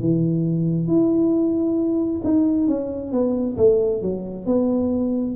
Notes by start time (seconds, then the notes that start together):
0.00 E3
0.87 E4
2.24 D#4
2.67 C#4
3.11 B3
3.57 A3
4.02 F#3
4.46 B3